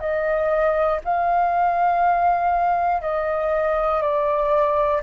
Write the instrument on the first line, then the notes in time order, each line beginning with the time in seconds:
flute
0.00 D#5
1.04 F5
3.02 D#5
4.01 D5